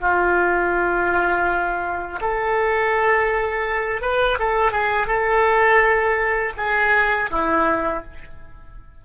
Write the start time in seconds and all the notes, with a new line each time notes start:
0.00 F4
2.21 A4
4.01 B4
4.39 A4
4.71 G#4
5.07 A4
6.57 G#4
7.30 E4